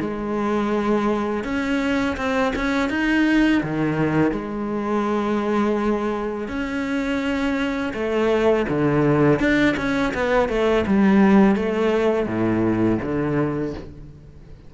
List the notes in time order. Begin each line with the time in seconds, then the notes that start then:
0.00 G#3
1.44 C#4
2.17 C4
2.55 C#4
2.89 D#4
3.62 D#3
4.31 G#3
6.48 C#4
7.93 A3
8.69 D3
9.39 D4
9.77 C#4
10.14 B3
10.49 A3
10.87 G3
11.55 A3
12.26 A2
13.02 D3